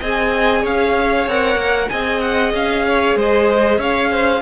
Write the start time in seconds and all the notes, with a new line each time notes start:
0.00 C4 G#4 D#5 G#5
0.62 C#4 C#5 F5
1.26 C4 A#4 F#5
1.55 A#3
1.89 C4 G#4 D#5 G#5
2.20 F#5
2.53 C#4 F5
2.86 C#5
3.15 G#3 C5 D#5
3.78 C#4 C#5 F5
4.10 C5